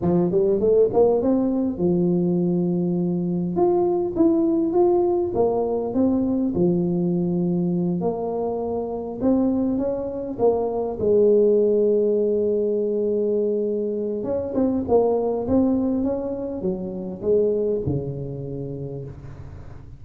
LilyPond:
\new Staff \with { instrumentName = "tuba" } { \time 4/4 \tempo 4 = 101 f8 g8 a8 ais8 c'4 f4~ | f2 f'4 e'4 | f'4 ais4 c'4 f4~ | f4. ais2 c'8~ |
c'8 cis'4 ais4 gis4.~ | gis1 | cis'8 c'8 ais4 c'4 cis'4 | fis4 gis4 cis2 | }